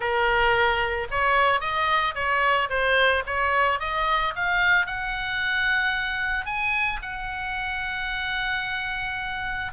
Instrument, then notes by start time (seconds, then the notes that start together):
oboe
0.00 A#4
1.10 C#5
1.60 D#5
2.14 C#5
2.69 C5
3.26 C#5
3.79 D#5
4.35 F5
4.86 F#5
6.45 G#5
7.01 F#5